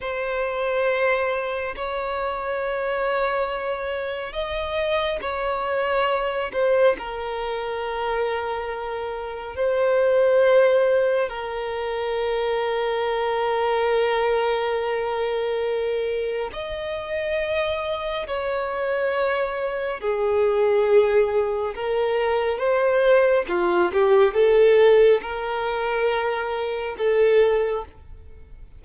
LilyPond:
\new Staff \with { instrumentName = "violin" } { \time 4/4 \tempo 4 = 69 c''2 cis''2~ | cis''4 dis''4 cis''4. c''8 | ais'2. c''4~ | c''4 ais'2.~ |
ais'2. dis''4~ | dis''4 cis''2 gis'4~ | gis'4 ais'4 c''4 f'8 g'8 | a'4 ais'2 a'4 | }